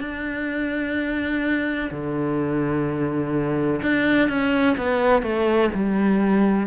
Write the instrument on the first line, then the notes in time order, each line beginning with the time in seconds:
cello
0.00 D4
1.91 D3
3.82 D4
4.29 C#4
4.77 B3
5.23 A3
5.74 G3